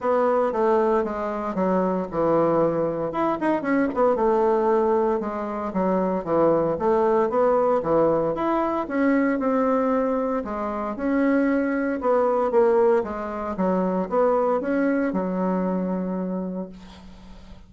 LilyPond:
\new Staff \with { instrumentName = "bassoon" } { \time 4/4 \tempo 4 = 115 b4 a4 gis4 fis4 | e2 e'8 dis'8 cis'8 b8 | a2 gis4 fis4 | e4 a4 b4 e4 |
e'4 cis'4 c'2 | gis4 cis'2 b4 | ais4 gis4 fis4 b4 | cis'4 fis2. | }